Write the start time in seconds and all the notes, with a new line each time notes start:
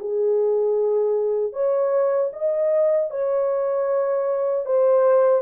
0.00 G#4
1.53 C#5
2.33 D#5
3.11 C#5
4.66 C5